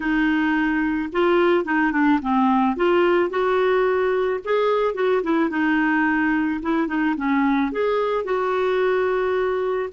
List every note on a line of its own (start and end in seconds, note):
0.00 1.09 D#4
1.12 1.64 F4
1.64 1.92 D#4
1.92 2.19 D4
2.21 2.76 C4
2.76 3.30 F4
3.30 4.40 F#4
4.44 4.94 G#4
4.94 5.22 F#4
5.23 5.50 E4
5.50 6.60 D#4
6.62 6.87 E4
6.87 7.15 D#4
7.17 7.72 C#4
7.72 8.24 G#4
8.24 9.89 F#4